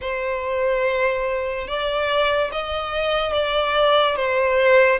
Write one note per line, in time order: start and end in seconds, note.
0.01 1.67 C5
1.67 2.50 D5
2.52 3.33 D#5
3.33 4.16 D5
4.16 4.99 C5